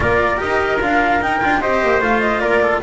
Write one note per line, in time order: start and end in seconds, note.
0.00 0.38 A#3
0.00 0.37 F4
0.00 1.61 A#4
0.00 0.39 D5
0.37 0.82 D#4
0.37 0.77 G4
0.37 0.80 D#5
0.81 1.21 D4
0.81 1.21 F4
0.81 1.22 F5
1.21 1.41 D#4
1.21 1.40 D#4
1.21 1.61 G5
1.40 1.64 D4
1.40 1.60 F4
1.61 1.82 C4
1.61 2.01 G4
1.61 2.41 C5
1.61 2.01 D#5
1.82 2.00 A#3
2.00 2.41 A3
2.00 2.81 F4
2.00 2.20 F5
2.20 2.39 D#5
2.39 2.81 A#3
2.39 2.61 A#4
2.39 2.80 D5
2.62 2.82 A4